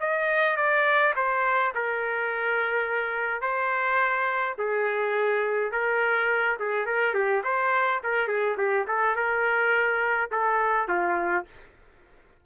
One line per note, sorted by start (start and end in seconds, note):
0.00 0.56 D#5
0.56 1.14 D5
1.16 1.73 C5
1.74 3.41 A#4
3.41 4.55 C5
4.58 5.71 G#4
5.71 6.57 A#4
6.59 6.86 G#4
6.86 7.14 A#4
7.14 7.42 G4
7.43 8.01 C5
8.03 8.28 A#4
8.28 8.56 G#4
8.57 8.85 G4
8.87 9.16 A4
9.16 10.30 A#4
10.31 10.88 A4
10.88 11.45 F4